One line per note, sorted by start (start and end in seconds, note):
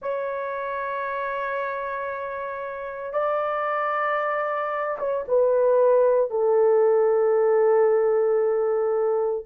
0.01 3.13 C#5
3.13 4.97 D5
4.98 5.24 C#5
5.27 6.30 B4
6.30 9.45 A4